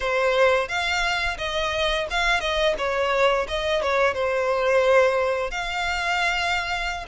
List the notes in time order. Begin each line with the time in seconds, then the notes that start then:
0.00 C5
0.68 F5
1.38 D#5
2.10 F5
2.40 D#5
2.77 C#5
3.48 D#5
3.82 C#5
4.13 C5
5.50 F5